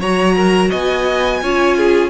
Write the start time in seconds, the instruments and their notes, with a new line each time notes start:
0.00 cello F#3, viola F#4, violin C#5 A#5
0.36 violin A#4
0.70 cello B3, violin D#5 G#5
1.42 cello C#4, viola F4, violin C#5
1.77 violin G#4